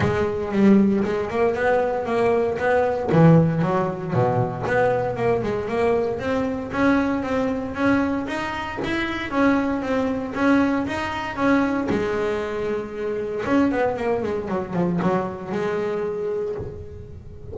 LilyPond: \new Staff \with { instrumentName = "double bass" } { \time 4/4 \tempo 4 = 116 gis4 g4 gis8 ais8 b4 | ais4 b4 e4 fis4 | b,4 b4 ais8 gis8 ais4 | c'4 cis'4 c'4 cis'4 |
dis'4 e'4 cis'4 c'4 | cis'4 dis'4 cis'4 gis4~ | gis2 cis'8 b8 ais8 gis8 | fis8 f8 fis4 gis2 | }